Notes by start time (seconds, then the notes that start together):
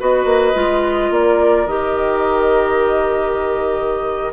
0.00 B3 F#4 B4 D#5
0.25 A#3
0.55 G#3 F4
1.11 A#3 A#4 D5
1.67 D#3 G4 D#5